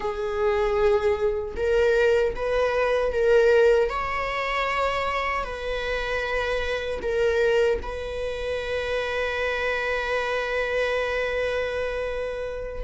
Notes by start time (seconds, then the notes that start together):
0.00 G#4
1.56 A#4
2.35 B4
3.12 A#4
3.89 C#5
5.44 B4
7.01 A#4
7.82 B4